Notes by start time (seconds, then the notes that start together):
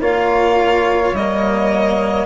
0.00 A#3 F4 C#5 F5
1.13 G3 A#3 D#5